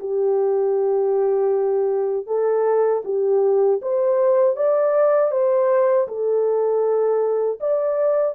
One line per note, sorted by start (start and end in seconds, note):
0.00 2.27 G4
2.27 3.03 A4
3.05 3.81 G4
3.82 4.57 C5
4.57 5.32 D5
5.32 6.08 C5
6.08 7.60 A4
7.61 8.35 D5